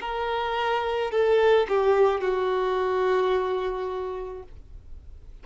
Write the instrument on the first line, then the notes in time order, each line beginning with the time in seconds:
violin
0.00 A#4
1.11 A4
1.69 G4
2.21 F#4